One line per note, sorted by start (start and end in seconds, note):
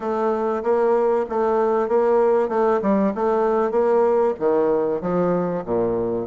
0.00 0.62 A3
0.62 1.25 A#3
1.29 1.88 A3
1.88 2.49 A#3
2.49 2.80 A3
2.82 3.13 G3
3.14 3.71 A3
3.71 4.34 A#3
4.39 5.01 D#3
5.01 5.63 F3
5.65 6.26 A#2